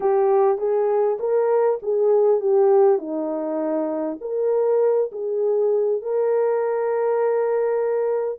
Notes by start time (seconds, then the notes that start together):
0.00 G4
0.58 G#4
1.19 A#4
1.82 G#4
2.40 G4
2.98 D#4
4.20 A#4
5.12 G#4
6.02 A#4